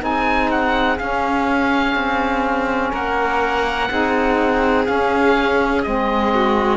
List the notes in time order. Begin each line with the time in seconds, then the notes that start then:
0.00 C4 D#4 G#4 G#5
0.51 F#5
0.99 C#4 F5
1.96 C4
2.92 A#3 A#4 F#5
3.90 C4 D#4 G#4
4.86 C#4 F5
5.83 G#3 C4 D#5
6.34 F#4